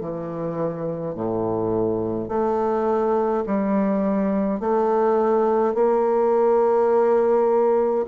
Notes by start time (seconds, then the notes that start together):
0.00 E3
1.15 A2
2.28 A3
3.46 G3
4.60 A3
5.74 A#3